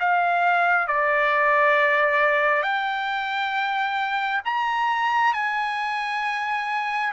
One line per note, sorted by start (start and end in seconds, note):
0.00 0.87 F5
0.87 2.62 D5
2.62 4.41 G5
4.45 5.33 A#5
5.33 7.12 G#5